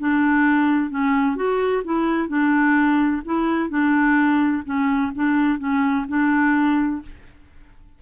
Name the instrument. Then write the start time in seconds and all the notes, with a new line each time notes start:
clarinet
0.00 D4
0.90 C#4
1.36 F#4
1.85 E4
2.29 D4
3.25 E4
3.70 D4
4.65 C#4
5.15 D4
5.59 C#4
6.08 D4